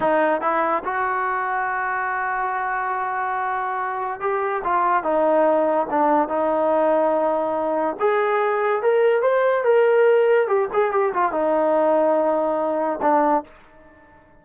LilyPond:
\new Staff \with { instrumentName = "trombone" } { \time 4/4 \tempo 4 = 143 dis'4 e'4 fis'2~ | fis'1~ | fis'2 g'4 f'4 | dis'2 d'4 dis'4~ |
dis'2. gis'4~ | gis'4 ais'4 c''4 ais'4~ | ais'4 g'8 gis'8 g'8 f'8 dis'4~ | dis'2. d'4 | }